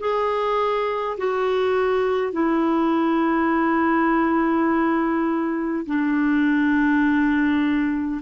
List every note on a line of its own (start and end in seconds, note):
0.00 1.18 G#4
1.18 2.33 F#4
2.33 5.86 E4
5.86 8.21 D4